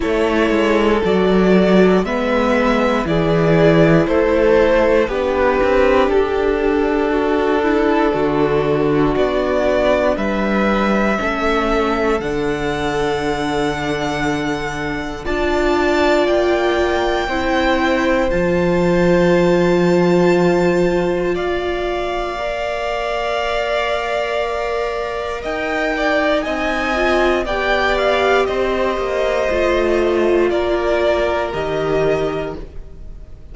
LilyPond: <<
  \new Staff \with { instrumentName = "violin" } { \time 4/4 \tempo 4 = 59 cis''4 d''4 e''4 d''4 | c''4 b'4 a'2~ | a'4 d''4 e''2 | fis''2. a''4 |
g''2 a''2~ | a''4 f''2.~ | f''4 g''4 gis''4 g''8 f''8 | dis''2 d''4 dis''4 | }
  \new Staff \with { instrumentName = "violin" } { \time 4/4 a'2 b'4 gis'4 | a'4 g'2 fis'8 e'8 | fis'2 b'4 a'4~ | a'2. d''4~ |
d''4 c''2.~ | c''4 d''2.~ | d''4 dis''8 d''8 dis''4 d''4 | c''2 ais'2 | }
  \new Staff \with { instrumentName = "viola" } { \time 4/4 e'4 fis'4 b4 e'4~ | e'4 d'2.~ | d'2. cis'4 | d'2. f'4~ |
f'4 e'4 f'2~ | f'2 ais'2~ | ais'2 dis'8 f'8 g'4~ | g'4 f'2 g'4 | }
  \new Staff \with { instrumentName = "cello" } { \time 4/4 a8 gis8 fis4 gis4 e4 | a4 b8 c'8 d'2 | d4 b4 g4 a4 | d2. d'4 |
ais4 c'4 f2~ | f4 ais2.~ | ais4 dis'4 c'4 b4 | c'8 ais8 a4 ais4 dis4 | }
>>